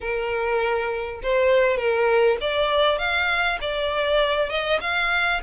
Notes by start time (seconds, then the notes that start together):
0.01 A#4
1.22 C5
1.77 A#4
2.40 D5
2.98 F5
3.61 D5
4.49 D#5
4.80 F5